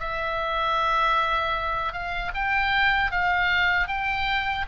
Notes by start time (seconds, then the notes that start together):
0.00 E5
1.93 F5
2.35 G5
3.12 F5
3.88 G5